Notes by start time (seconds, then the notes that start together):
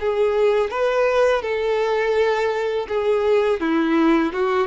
0.00 G#4
0.71 B4
1.42 A4
2.89 G#4
3.61 E4
4.33 F#4